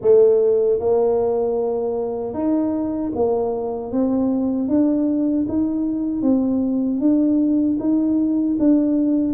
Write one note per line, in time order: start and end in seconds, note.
0.01 0.79 A3
0.79 2.33 A#3
2.33 3.11 D#4
3.15 3.91 A#3
3.91 4.68 C4
4.68 5.46 D4
5.48 6.22 D#4
6.22 7.00 C4
7.00 7.77 D4
7.79 8.57 D#4
8.59 9.34 D4